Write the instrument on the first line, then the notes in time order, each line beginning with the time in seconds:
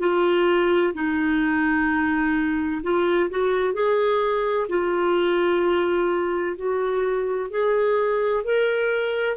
clarinet
0.00 F4
0.95 D#4
2.83 F4
3.30 F#4
3.74 G#4
4.69 F4
6.57 F#4
7.51 G#4
8.45 A#4